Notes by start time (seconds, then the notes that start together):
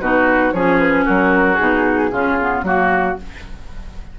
0.00 B2 D#4 F#4 B4
0.52 F3 C#4 G#4 C#5
0.79 B4
1.05 F#3 F#4 A#4
1.55 B2 D#4 G#4
2.12 C#3 C#4 F4
2.40 B3
2.63 F#3 A#3 F#4